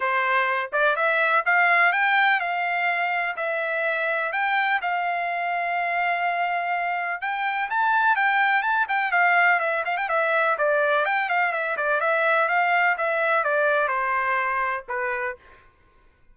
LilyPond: \new Staff \with { instrumentName = "trumpet" } { \time 4/4 \tempo 4 = 125 c''4. d''8 e''4 f''4 | g''4 f''2 e''4~ | e''4 g''4 f''2~ | f''2. g''4 |
a''4 g''4 a''8 g''8 f''4 | e''8 f''16 g''16 e''4 d''4 g''8 f''8 | e''8 d''8 e''4 f''4 e''4 | d''4 c''2 b'4 | }